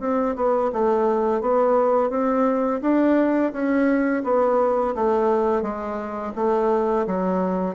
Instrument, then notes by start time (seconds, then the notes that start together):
bassoon
0.00 C4
0.36 B3
0.73 A3
1.41 B3
2.10 C4
2.82 D4
3.53 C#4
4.24 B3
4.95 A3
5.62 G#3
6.36 A3
7.07 F#3